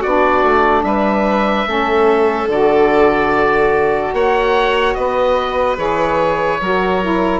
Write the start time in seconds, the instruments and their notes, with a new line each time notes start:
0.00 bassoon B3, saxophone D4, violin F#4, oboe D5
0.43 bassoon A3
0.83 bassoon G3, violin B4, oboe E5
1.65 bassoon A3, saxophone C#4, violin A4
2.47 bassoon D3, saxophone F#4, oboe D5
4.13 bassoon A#3, violin C#5, oboe F#5
4.94 bassoon B3, violin B4, oboe D#5
5.76 bassoon E3, saxophone G#4, oboe C#5
6.60 bassoon F#3, saxophone F#4, violin A#4
7.01 saxophone E4